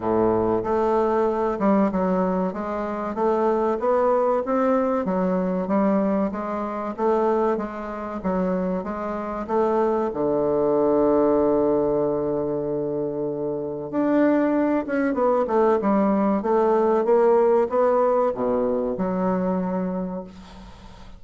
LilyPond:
\new Staff \with { instrumentName = "bassoon" } { \time 4/4 \tempo 4 = 95 a,4 a4. g8 fis4 | gis4 a4 b4 c'4 | fis4 g4 gis4 a4 | gis4 fis4 gis4 a4 |
d1~ | d2 d'4. cis'8 | b8 a8 g4 a4 ais4 | b4 b,4 fis2 | }